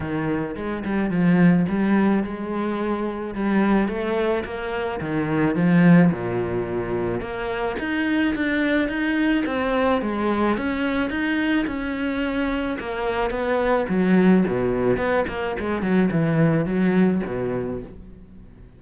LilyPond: \new Staff \with { instrumentName = "cello" } { \time 4/4 \tempo 4 = 108 dis4 gis8 g8 f4 g4 | gis2 g4 a4 | ais4 dis4 f4 ais,4~ | ais,4 ais4 dis'4 d'4 |
dis'4 c'4 gis4 cis'4 | dis'4 cis'2 ais4 | b4 fis4 b,4 b8 ais8 | gis8 fis8 e4 fis4 b,4 | }